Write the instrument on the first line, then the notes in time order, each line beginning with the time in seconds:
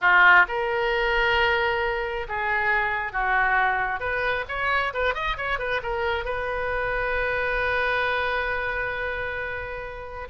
oboe
0.01 F4
0.48 A#4
2.28 G#4
3.12 F#4
4.00 B4
4.48 C#5
4.93 B4
5.14 D#5
5.37 C#5
5.58 B4
5.82 A#4
6.24 B4